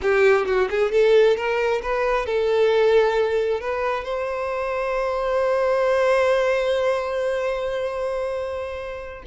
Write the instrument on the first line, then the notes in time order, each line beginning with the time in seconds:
violin
0.01 G4
0.46 F#4
0.70 G#4
0.91 A4
1.36 A#4
1.82 B4
2.26 A4
3.60 B4
4.04 C5